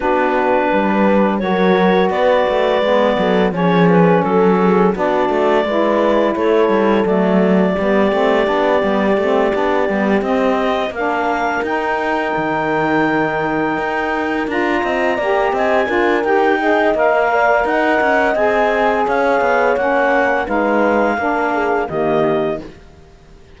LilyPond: <<
  \new Staff \with { instrumentName = "clarinet" } { \time 4/4 \tempo 4 = 85 b'2 cis''4 d''4~ | d''4 cis''8 b'8 a'4 d''4~ | d''4 cis''4 d''2~ | d''2~ d''8 dis''4 f''8~ |
f''8 g''2.~ g''8~ | g''8 ais''4. gis''4 g''4 | f''4 fis''4 gis''4 f''4 | fis''4 f''2 dis''4 | }
  \new Staff \with { instrumentName = "horn" } { \time 4/4 fis'4 b'4 ais'4 b'4~ | b'8 a'8 gis'4 a'8 gis'8 fis'4 | b'4 a'2 g'4~ | g'2.~ g'8 ais'8~ |
ais'1~ | ais'4 dis''8 d''8 dis''8 ais'4 dis''8~ | dis''8 d''8 dis''2 cis''4~ | cis''4 b'4 ais'8 gis'8 g'4 | }
  \new Staff \with { instrumentName = "saxophone" } { \time 4/4 d'2 fis'2 | b4 cis'2 d'4 | e'2 a4 b8 c'8 | d'8 b8 c'8 d'8 b8 c'4 d'8~ |
d'8 dis'2.~ dis'8~ | dis'8 f'4 g'4 f'8 g'8 gis'8 | ais'2 gis'2 | cis'4 dis'4 d'4 ais4 | }
  \new Staff \with { instrumentName = "cello" } { \time 4/4 b4 g4 fis4 b8 a8 | gis8 fis8 f4 fis4 b8 a8 | gis4 a8 g8 fis4 g8 a8 | b8 g8 a8 b8 g8 c'4 ais8~ |
ais8 dis'4 dis2 dis'8~ | dis'8 d'8 c'8 ais8 c'8 d'8 dis'4 | ais4 dis'8 cis'8 c'4 cis'8 b8 | ais4 gis4 ais4 dis4 | }
>>